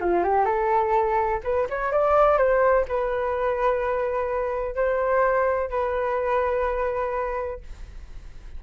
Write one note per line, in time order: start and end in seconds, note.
0.00 0.23 F4
0.23 0.45 G4
0.45 1.40 A4
1.43 1.67 B4
1.69 1.92 C#5
1.92 2.37 D5
2.37 2.85 C5
2.88 4.75 B4
4.75 5.70 C5
5.70 7.60 B4